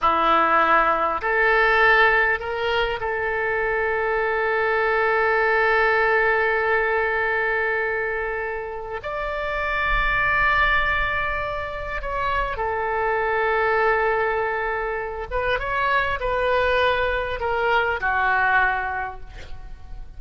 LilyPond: \new Staff \with { instrumentName = "oboe" } { \time 4/4 \tempo 4 = 100 e'2 a'2 | ais'4 a'2.~ | a'1~ | a'2. d''4~ |
d''1 | cis''4 a'2.~ | a'4. b'8 cis''4 b'4~ | b'4 ais'4 fis'2 | }